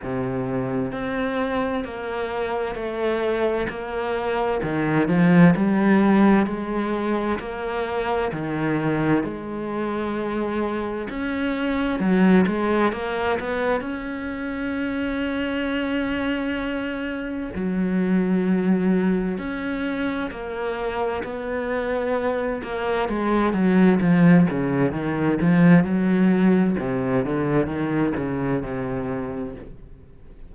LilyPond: \new Staff \with { instrumentName = "cello" } { \time 4/4 \tempo 4 = 65 c4 c'4 ais4 a4 | ais4 dis8 f8 g4 gis4 | ais4 dis4 gis2 | cis'4 fis8 gis8 ais8 b8 cis'4~ |
cis'2. fis4~ | fis4 cis'4 ais4 b4~ | b8 ais8 gis8 fis8 f8 cis8 dis8 f8 | fis4 c8 d8 dis8 cis8 c4 | }